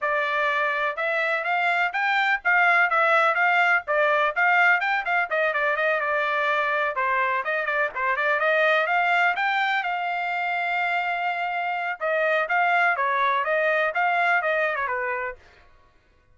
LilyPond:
\new Staff \with { instrumentName = "trumpet" } { \time 4/4 \tempo 4 = 125 d''2 e''4 f''4 | g''4 f''4 e''4 f''4 | d''4 f''4 g''8 f''8 dis''8 d''8 | dis''8 d''2 c''4 dis''8 |
d''8 c''8 d''8 dis''4 f''4 g''8~ | g''8 f''2.~ f''8~ | f''4 dis''4 f''4 cis''4 | dis''4 f''4 dis''8. cis''16 b'4 | }